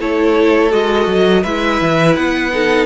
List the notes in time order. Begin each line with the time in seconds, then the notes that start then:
0.00 A3 E4 A4 C#5
0.70 G#3 F#4 D#5
1.07 F#3
1.42 G#3 E4 B4 E5
1.81 E3
2.16 B3 F#5
2.52 D#4 A4